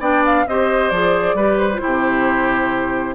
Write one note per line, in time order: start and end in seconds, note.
0.00 0.45 B3
0.00 0.46 D4
0.00 0.45 D5
0.00 0.25 G5
0.25 0.48 F5
0.48 0.91 C4
0.48 0.93 G4
0.48 1.36 C5
0.48 0.89 D#5
0.89 1.34 F3
0.89 1.38 G#4
0.89 1.57 D5
1.34 1.79 G3
1.34 1.72 G4
1.34 1.81 B4
1.57 3.15 C5
1.74 1.80 F4
1.80 3.15 C3
1.80 3.15 E4
1.80 3.15 G4